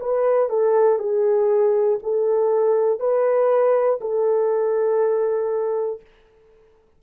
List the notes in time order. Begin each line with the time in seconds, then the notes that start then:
0.00 B4
0.49 A4
0.98 G#4
2.02 A4
2.99 B4
4.00 A4